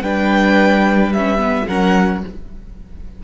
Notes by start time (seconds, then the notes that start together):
0.00 G3 D4 B4 G5
1.12 C#4 E5
1.38 B3
1.66 F#3 C#4 A#4 F#5